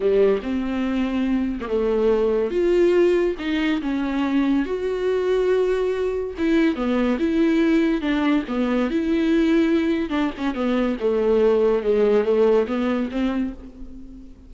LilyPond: \new Staff \with { instrumentName = "viola" } { \time 4/4 \tempo 4 = 142 g4 c'2~ c'8. ais16 | a2 f'2 | dis'4 cis'2 fis'4~ | fis'2. e'4 |
b4 e'2 d'4 | b4 e'2. | d'8 cis'8 b4 a2 | gis4 a4 b4 c'4 | }